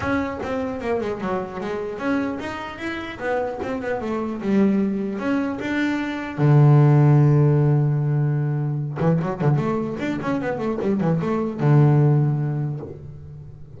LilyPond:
\new Staff \with { instrumentName = "double bass" } { \time 4/4 \tempo 4 = 150 cis'4 c'4 ais8 gis8 fis4 | gis4 cis'4 dis'4 e'4 | b4 c'8 b8 a4 g4~ | g4 cis'4 d'2 |
d1~ | d2~ d8 e8 fis8 d8 | a4 d'8 cis'8 b8 a8 g8 e8 | a4 d2. | }